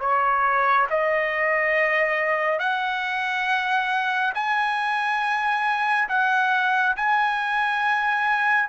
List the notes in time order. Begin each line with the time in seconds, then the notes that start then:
0.00 C#5
0.90 D#5
2.59 F#5
4.34 G#5
6.09 F#5
6.96 G#5